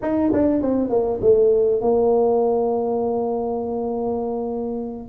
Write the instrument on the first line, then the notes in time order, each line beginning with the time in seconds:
tuba
0.01 D#4
0.33 D4
0.61 C4
0.89 A#3
1.21 A3
1.81 A#3